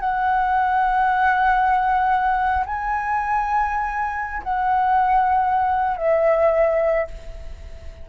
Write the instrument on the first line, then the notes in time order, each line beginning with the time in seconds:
flute
0.00 F#5
2.67 G#5
4.44 F#5
5.97 E5